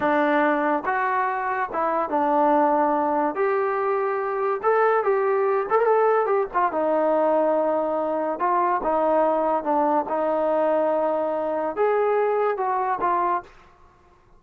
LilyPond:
\new Staff \with { instrumentName = "trombone" } { \time 4/4 \tempo 4 = 143 d'2 fis'2 | e'4 d'2. | g'2. a'4 | g'4. a'16 ais'16 a'4 g'8 f'8 |
dis'1 | f'4 dis'2 d'4 | dis'1 | gis'2 fis'4 f'4 | }